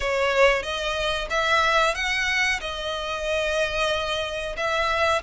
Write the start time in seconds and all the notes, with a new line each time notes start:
0.00 C#5
0.62 D#5
1.30 E5
1.94 F#5
2.60 D#5
4.57 E5